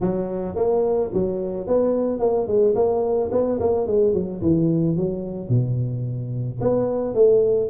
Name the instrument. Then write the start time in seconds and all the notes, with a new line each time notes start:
tuba
0.00 F#3
0.55 A#3
1.13 F#3
1.67 B3
2.19 A#3
2.47 G#3
2.75 A#3
3.31 B3
3.59 A#3
3.87 G#3
4.13 F#3
4.41 E3
4.96 F#3
5.48 B2
6.60 B3
7.14 A3